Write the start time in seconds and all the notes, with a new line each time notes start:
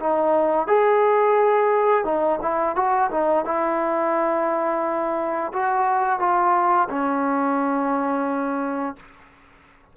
0.00 D#4
0.68 G#4
2.05 D#4
2.42 E4
2.76 F#4
3.11 D#4
3.45 E4
5.53 F#4
6.20 F4
6.90 C#4